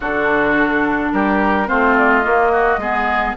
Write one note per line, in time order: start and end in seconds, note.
0.00 1.10 D3
0.00 1.66 D4
0.00 1.11 F#4
0.00 1.12 A4
1.12 1.69 G3
1.12 1.67 G4
1.12 1.68 A#4
1.66 2.25 A3
1.66 2.22 C4
1.66 2.51 F4
1.66 1.96 C5
1.97 2.09 D5
2.09 3.35 D#5
2.23 2.79 A#3
2.23 2.77 A#3
2.52 2.80 F#4
2.77 3.33 G#3
2.77 3.36 B3
2.77 3.36 G#4